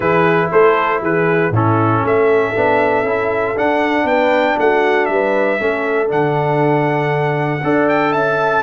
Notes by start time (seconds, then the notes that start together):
0.00 E3 E4 G#4 B4
0.51 A3 A4 C5
1.01 E3 G#4 B4
1.50 A2 C#4 E4 A4
2.03 A3 A4 E5
2.55 B3 D4
3.02 C#4 E4
3.56 D4 F#5
4.04 B3 B4 G5
4.58 A3 F#4 F#5
5.05 G3 B4 E5
5.59 A3 C#4 A4
6.07 D3 D4 F#5
7.63 D4 A4 D5
7.89 G5
8.11 C#4 E5 A5